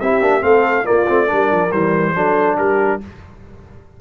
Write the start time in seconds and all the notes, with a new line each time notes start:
0.00 C4 E4 G4 E5
0.21 A#3 D4
0.41 A3 C4 A4 F5
0.84 A#3 F4 D5
0.90 A#3
1.07 A3 C4
1.27 G3 D4 A#4
1.51 F3
1.71 E3 G3 C5
2.15 F#3 D4 A4
2.57 G3 G4 A#4